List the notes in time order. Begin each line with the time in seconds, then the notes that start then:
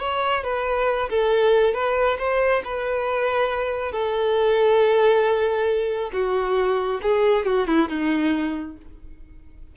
0.00 C#5
0.44 B4
1.10 A4
1.74 B4
2.19 C5
2.65 B4
3.92 A4
6.13 F#4
7.03 G#4
7.46 F#4
7.67 E4
7.89 D#4